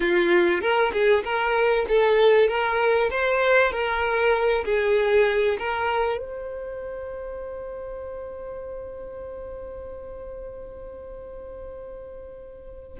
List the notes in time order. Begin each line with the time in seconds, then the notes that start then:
0.00 F4
0.61 A#4
0.92 G#4
1.23 A#4
1.88 A4
2.48 A#4
3.10 C5
3.71 A#4
4.64 G#4
5.58 A#4
6.18 C5